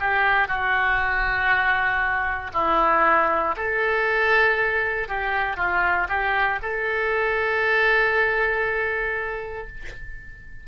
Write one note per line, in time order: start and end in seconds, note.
0.00 0.48 G4
0.48 2.51 F#4
2.54 3.55 E4
3.56 5.08 A4
5.08 5.57 G4
5.57 6.07 F4
6.08 6.59 G4
6.62 9.67 A4